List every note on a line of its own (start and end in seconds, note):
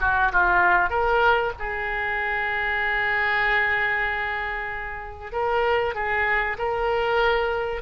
0.00 0.31 F#4
0.32 0.89 F4
0.89 1.52 A#4
1.59 5.32 G#4
5.32 5.94 A#4
5.94 6.57 G#4
6.58 7.81 A#4